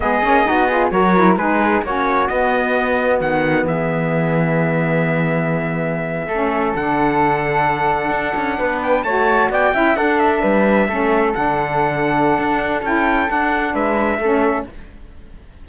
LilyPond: <<
  \new Staff \with { instrumentName = "trumpet" } { \time 4/4 \tempo 4 = 131 dis''2 cis''4 b'4 | cis''4 dis''2 fis''4 | e''1~ | e''2~ e''8. fis''4~ fis''16~ |
fis''2.~ fis''16 g''8 a''16~ | a''8. g''4 fis''8 e''4.~ e''16~ | e''8. fis''2.~ fis''16 | g''4 fis''4 e''2 | }
  \new Staff \with { instrumentName = "flute" } { \time 4/4 gis'4 fis'8 gis'8 ais'4 gis'4 | fis'1 | gis'1~ | gis'4.~ gis'16 a'2~ a'16~ |
a'2~ a'8. b'4 cis''16~ | cis''8. d''8 e''8 a'4 b'4 a'16~ | a'1~ | a'2 b'4 a'4 | }
  \new Staff \with { instrumentName = "saxophone" } { \time 4/4 b8 cis'8 dis'8 f'8 fis'8 e'8 dis'4 | cis'4 b2.~ | b1~ | b4.~ b16 cis'4 d'4~ d'16~ |
d'2.~ d'8. fis'16~ | fis'4~ fis'16 e'8 d'2 cis'16~ | cis'8. d'2.~ d'16 | e'4 d'2 cis'4 | }
  \new Staff \with { instrumentName = "cello" } { \time 4/4 gis8 ais8 b4 fis4 gis4 | ais4 b2 dis4 | e1~ | e4.~ e16 a4 d4~ d16~ |
d4.~ d16 d'8 cis'8 b4 a16~ | a8. b8 cis'8 d'4 g4 a16~ | a8. d2~ d16 d'4 | cis'4 d'4 gis4 a4 | }
>>